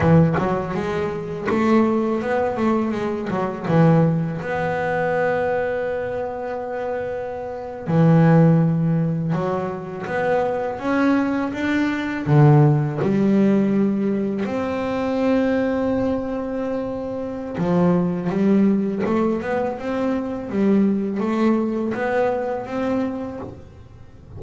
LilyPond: \new Staff \with { instrumentName = "double bass" } { \time 4/4 \tempo 4 = 82 e8 fis8 gis4 a4 b8 a8 | gis8 fis8 e4 b2~ | b2~ b8. e4~ e16~ | e8. fis4 b4 cis'4 d'16~ |
d'8. d4 g2 c'16~ | c'1 | f4 g4 a8 b8 c'4 | g4 a4 b4 c'4 | }